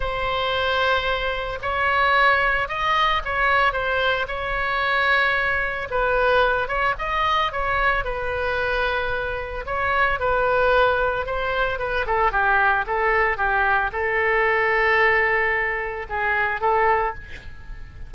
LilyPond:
\new Staff \with { instrumentName = "oboe" } { \time 4/4 \tempo 4 = 112 c''2. cis''4~ | cis''4 dis''4 cis''4 c''4 | cis''2. b'4~ | b'8 cis''8 dis''4 cis''4 b'4~ |
b'2 cis''4 b'4~ | b'4 c''4 b'8 a'8 g'4 | a'4 g'4 a'2~ | a'2 gis'4 a'4 | }